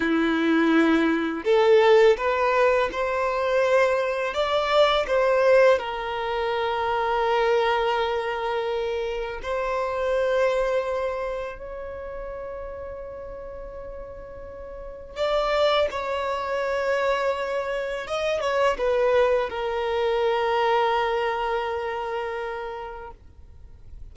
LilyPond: \new Staff \with { instrumentName = "violin" } { \time 4/4 \tempo 4 = 83 e'2 a'4 b'4 | c''2 d''4 c''4 | ais'1~ | ais'4 c''2. |
cis''1~ | cis''4 d''4 cis''2~ | cis''4 dis''8 cis''8 b'4 ais'4~ | ais'1 | }